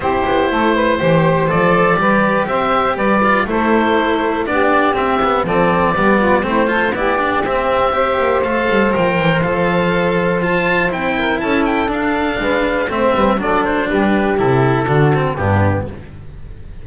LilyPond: <<
  \new Staff \with { instrumentName = "oboe" } { \time 4/4 \tempo 4 = 121 c''2. d''4~ | d''4 e''4 d''4 c''4~ | c''4 d''4 e''4 d''4~ | d''4 c''4 d''4 e''4~ |
e''4 f''4 g''4 f''4~ | f''4 a''4 g''4 a''8 g''8 | f''2 e''4 d''8 c''8 | b'4 a'2 g'4 | }
  \new Staff \with { instrumentName = "saxophone" } { \time 4/4 g'4 a'8 b'8 c''2 | b'4 c''4 b'4 a'4~ | a'4 g'2 a'4 | g'8 f'8 e'8 a'8 g'2 |
c''1~ | c''2~ c''8 ais'8 a'4~ | a'4 b'4 c''8 b'8 a'4 | g'2 fis'4 d'4 | }
  \new Staff \with { instrumentName = "cello" } { \time 4/4 e'2 g'4 a'4 | g'2~ g'8 f'8 e'4~ | e'4 d'4 c'8 b8 c'4 | b4 c'8 f'8 e'8 d'8 c'4 |
g'4 a'4 ais'4 a'4~ | a'4 f'4 e'2 | d'2 c'4 d'4~ | d'4 e'4 d'8 c'8 b4 | }
  \new Staff \with { instrumentName = "double bass" } { \time 4/4 c'8 b8 a4 e4 f4 | g4 c'4 g4 a4~ | a4 b4 c'4 f4 | g4 a4 b4 c'4~ |
c'8 ais8 a8 g8 f8 e8 f4~ | f2 c'4 cis'4 | d'4 gis4 a8 g8 fis4 | g4 c4 d4 g,4 | }
>>